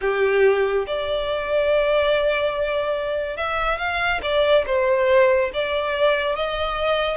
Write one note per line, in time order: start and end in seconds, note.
0.01 0.85 G4
0.86 3.36 D5
3.36 3.78 E5
3.78 4.20 F5
4.22 4.64 D5
4.66 5.50 C5
5.53 6.35 D5
6.35 7.17 D#5